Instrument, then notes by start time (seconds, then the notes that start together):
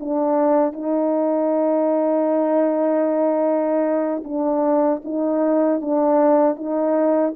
horn
0.00 D4
0.73 D#4
4.24 D4
5.04 D#4
5.81 D4
6.56 D#4